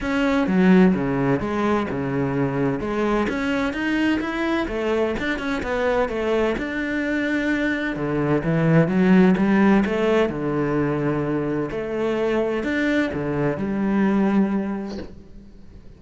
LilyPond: \new Staff \with { instrumentName = "cello" } { \time 4/4 \tempo 4 = 128 cis'4 fis4 cis4 gis4 | cis2 gis4 cis'4 | dis'4 e'4 a4 d'8 cis'8 | b4 a4 d'2~ |
d'4 d4 e4 fis4 | g4 a4 d2~ | d4 a2 d'4 | d4 g2. | }